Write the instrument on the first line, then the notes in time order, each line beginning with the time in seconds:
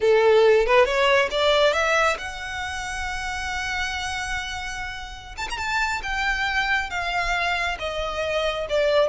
violin
0.00 A4
0.66 B4
0.85 C#5
1.31 D5
1.73 E5
2.18 F#5
5.37 A5
5.49 A#5
5.57 A5
6.02 G5
6.90 F5
7.79 D#5
8.69 D5